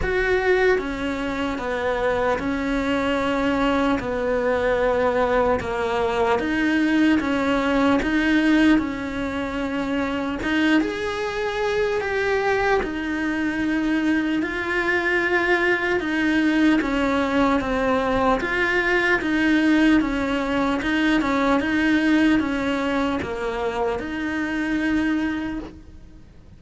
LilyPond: \new Staff \with { instrumentName = "cello" } { \time 4/4 \tempo 4 = 75 fis'4 cis'4 b4 cis'4~ | cis'4 b2 ais4 | dis'4 cis'4 dis'4 cis'4~ | cis'4 dis'8 gis'4. g'4 |
dis'2 f'2 | dis'4 cis'4 c'4 f'4 | dis'4 cis'4 dis'8 cis'8 dis'4 | cis'4 ais4 dis'2 | }